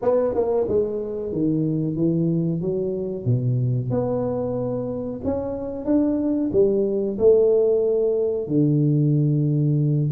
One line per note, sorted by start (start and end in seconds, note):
0.01 0.34 B3
0.34 0.66 A#3
0.68 1.32 G#3
1.32 1.96 D#3
1.96 2.61 E3
2.61 3.25 F#3
3.25 3.90 B2
3.90 5.20 B3
5.24 5.85 C#4
5.85 6.50 D4
6.52 7.17 G3
7.18 8.47 A3
8.47 10.10 D3